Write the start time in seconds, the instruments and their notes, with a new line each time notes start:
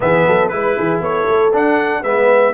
0.00 tuba E3, trombone B3, horn G#4, trumpet E5
0.27 tuba F#3, horn A4
0.48 tuba G#3, trombone E4, trumpet B4, horn B4
0.77 tuba E3, horn G#4
1.00 tuba B3, horn A4, trumpet C#5
1.28 tuba A3
1.53 trombone D4, tuba D4, trumpet F#5
2.01 tuba G#3, trombone B3, horn B4, trumpet E5